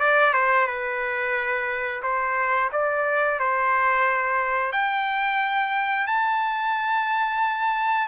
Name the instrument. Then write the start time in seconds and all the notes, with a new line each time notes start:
trumpet
0.00 D5
0.33 C5
0.67 B4
2.03 C5
2.72 D5
3.40 C5
4.72 G5
6.07 A5